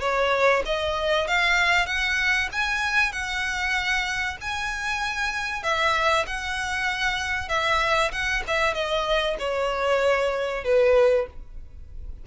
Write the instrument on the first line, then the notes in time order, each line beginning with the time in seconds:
violin
0.00 C#5
0.65 D#5
1.27 F5
1.86 F#5
2.52 G#5
3.12 F#5
4.41 G#5
5.63 E5
6.27 F#5
7.49 E5
8.12 F#5
8.47 E5
8.74 D#5
9.39 C#5
10.64 B4